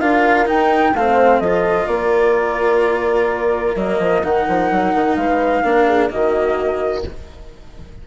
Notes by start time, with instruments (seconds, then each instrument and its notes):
0.00 bassoon D4, cello F4, horn A#4, flute F5
0.45 cello D#4, bassoon D#4, flute G5
0.94 bassoon A3, cello C4, horn C5, flute F5
1.39 bassoon F3, cello F4, horn A4, flute D#5
1.87 bassoon A#3, horn A#4, flute D5
3.75 bassoon F#3, cello A#3, flute D#5
3.99 bassoon F3
4.22 bassoon D#3, cello D#4, flute F#5
4.48 bassoon F3
4.71 bassoon F#3
4.94 bassoon D#3
5.15 bassoon G#3, horn B4, flute F5
5.63 bassoon A#3, cello D4, horn A#4
5.86 horn G#4
6.10 bassoon D#3, cello A#3, horn F#4, flute D#5